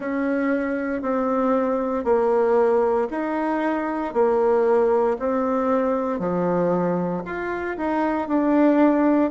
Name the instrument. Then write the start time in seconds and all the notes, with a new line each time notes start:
bassoon
0.00 C#4
1.02 C4
2.04 A#3
3.10 D#4
4.13 A#3
5.19 C4
6.19 F3
7.25 F4
7.77 D#4
8.28 D4